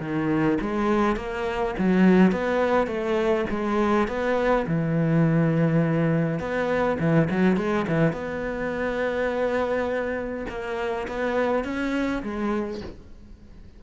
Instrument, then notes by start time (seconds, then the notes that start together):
cello
0.00 D#3
0.61 G#3
1.16 A#3
1.78 F#3
2.32 B3
2.87 A3
3.50 G#3
4.08 B3
4.67 E3
6.39 B3
7.00 E3
7.30 F#3
7.57 G#3
7.88 E3
8.13 B3
10.49 A#3
11.08 B3
11.64 C#4
12.23 G#3